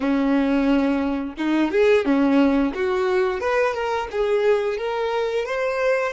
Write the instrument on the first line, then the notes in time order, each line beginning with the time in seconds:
violin
0.00 C#4
1.37 D#4
1.71 G#4
2.05 C#4
2.74 F#4
3.40 B4
3.73 A#4
4.11 G#4
4.77 A#4
5.45 C5